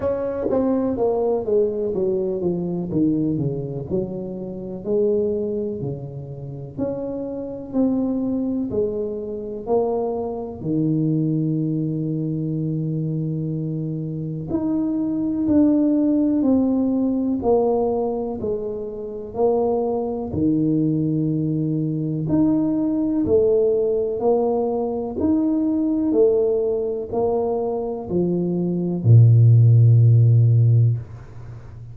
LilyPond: \new Staff \with { instrumentName = "tuba" } { \time 4/4 \tempo 4 = 62 cis'8 c'8 ais8 gis8 fis8 f8 dis8 cis8 | fis4 gis4 cis4 cis'4 | c'4 gis4 ais4 dis4~ | dis2. dis'4 |
d'4 c'4 ais4 gis4 | ais4 dis2 dis'4 | a4 ais4 dis'4 a4 | ais4 f4 ais,2 | }